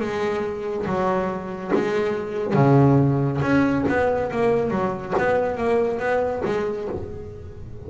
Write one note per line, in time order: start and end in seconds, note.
0.00 0.86 G#3
0.86 1.72 F#3
1.74 2.54 G#3
2.54 3.39 C#3
3.41 3.84 C#4
3.88 4.31 B3
4.31 4.71 A#3
4.71 5.14 F#3
5.18 5.58 B3
5.58 5.99 A#3
5.99 6.42 B3
6.45 6.88 G#3